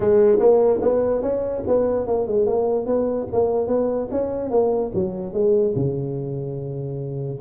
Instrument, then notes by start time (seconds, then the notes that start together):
tuba
0.00 G#3
0.39 A#3
0.81 B3
1.21 C#4
1.67 B3
2.06 A#3
2.27 G#3
2.46 A#3
2.86 B3
3.32 A#3
3.67 B3
4.11 C#4
4.50 A#3
4.94 F#3
5.33 G#3
5.75 C#3